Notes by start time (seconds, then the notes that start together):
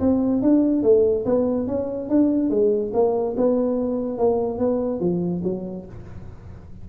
0.00 C4
0.42 D4
0.83 A3
1.25 B3
1.67 C#4
2.09 D4
2.50 G#3
2.94 A#3
3.37 B3
4.18 A#3
4.58 B3
5.00 F3
5.44 F#3